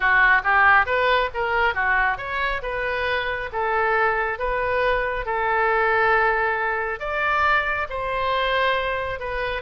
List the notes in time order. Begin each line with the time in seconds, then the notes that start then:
0.00 F#4
0.43 G4
0.85 B4
1.34 A#4
1.74 F#4
2.17 C#5
2.62 B4
3.52 A4
4.38 B4
5.25 A4
6.99 D5
7.89 C5
9.19 B4